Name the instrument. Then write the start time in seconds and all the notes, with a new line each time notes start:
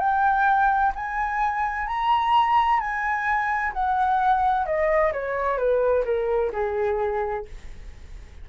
flute
0.00 G5
0.95 G#5
1.88 A#5
2.80 G#5
3.74 F#5
4.66 D#5
5.13 C#5
5.58 B4
6.05 A#4
6.53 G#4